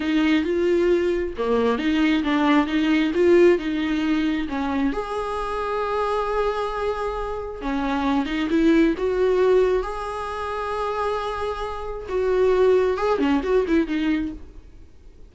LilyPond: \new Staff \with { instrumentName = "viola" } { \time 4/4 \tempo 4 = 134 dis'4 f'2 ais4 | dis'4 d'4 dis'4 f'4 | dis'2 cis'4 gis'4~ | gis'1~ |
gis'4 cis'4. dis'8 e'4 | fis'2 gis'2~ | gis'2. fis'4~ | fis'4 gis'8 cis'8 fis'8 e'8 dis'4 | }